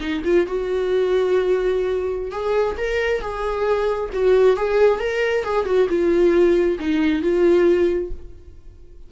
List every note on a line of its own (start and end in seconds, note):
0.00 0.22 D#4
0.24 0.46 F4
0.47 2.31 F#4
2.31 2.76 G#4
2.77 3.21 A#4
3.21 4.10 G#4
4.13 4.56 F#4
4.56 5.00 G#4
5.00 5.44 A#4
5.44 5.65 G#4
5.65 5.87 F#4
5.89 6.78 F4
6.79 7.22 D#4
7.22 8.11 F4